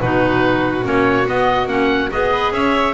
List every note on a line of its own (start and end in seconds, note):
0.00 0.84 B2
0.00 0.83 D#4
0.00 2.31 F#4
0.00 0.85 B4
0.83 1.27 A#3
0.83 1.25 C#4
0.83 1.28 C#5
1.25 1.67 B3
1.25 1.66 B3
1.25 1.68 D#5
1.66 2.08 A#3
1.66 2.09 C#4
1.66 2.10 F#5
2.11 2.51 B3
2.11 2.94 G#4
2.11 2.53 D#5
2.31 2.52 B4
2.51 2.93 C#4
2.51 2.94 C#5
2.51 2.94 E5